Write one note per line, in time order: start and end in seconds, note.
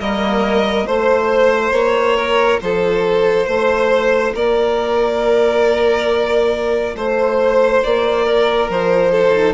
0.00 0.87 G3
0.00 0.85 A#3
0.00 0.87 A#4
0.00 0.87 D#5
0.85 1.72 A3
0.85 9.33 F4
0.85 1.73 C5
0.85 2.17 C5
1.72 2.59 A#3
1.72 2.60 C#5
2.17 2.60 A#4
2.61 3.48 F3
2.61 3.47 A4
2.61 4.35 C5
3.47 4.34 A3
3.47 4.34 C5
4.34 6.95 A#3
4.34 6.95 A#4
4.34 6.97 D5
6.95 7.82 A3
6.95 8.25 C5
6.95 7.84 C5
7.84 8.70 A#3
7.84 8.71 D5
8.25 9.12 A#4
8.70 9.54 F3
8.70 9.54 C5
9.12 9.54 A4
9.35 9.54 D#4